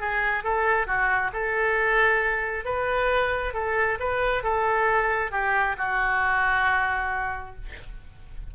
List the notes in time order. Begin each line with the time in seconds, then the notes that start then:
0.00 G#4
0.44 A4
0.87 F#4
1.33 A4
2.65 B4
3.54 A4
4.00 B4
4.43 A4
5.32 G4
5.78 F#4